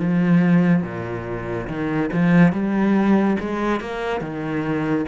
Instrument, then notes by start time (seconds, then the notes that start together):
cello
0.00 F3
0.83 A#2
1.68 D#3
2.12 F3
2.52 G3
3.40 G#3
3.80 A#3
4.21 D#3